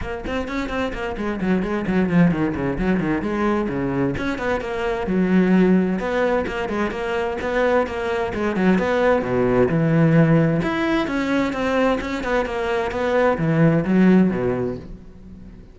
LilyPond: \new Staff \with { instrumentName = "cello" } { \time 4/4 \tempo 4 = 130 ais8 c'8 cis'8 c'8 ais8 gis8 fis8 gis8 | fis8 f8 dis8 cis8 fis8 dis8 gis4 | cis4 cis'8 b8 ais4 fis4~ | fis4 b4 ais8 gis8 ais4 |
b4 ais4 gis8 fis8 b4 | b,4 e2 e'4 | cis'4 c'4 cis'8 b8 ais4 | b4 e4 fis4 b,4 | }